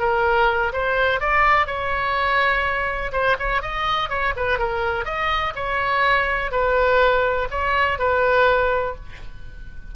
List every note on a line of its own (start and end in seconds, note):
0.00 0.73 A#4
0.73 1.21 C5
1.21 1.67 D5
1.67 3.12 C#5
3.13 3.37 C5
3.40 3.62 C#5
3.62 4.10 D#5
4.10 4.34 C#5
4.37 4.59 B4
4.59 5.06 A#4
5.06 5.54 D#5
5.56 6.52 C#5
6.52 7.49 B4
7.51 7.99 C#5
7.99 8.96 B4